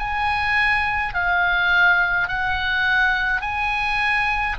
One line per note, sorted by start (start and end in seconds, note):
0.00 1.15 G#5
1.15 2.28 F5
2.28 3.41 F#5
3.41 4.57 G#5